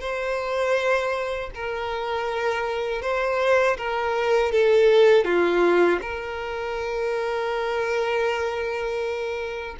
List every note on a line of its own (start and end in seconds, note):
0.00 1.50 C5
1.54 3.02 A#4
3.02 3.77 C5
3.77 4.51 A#4
4.51 5.24 A4
5.24 5.99 F4
6.01 9.76 A#4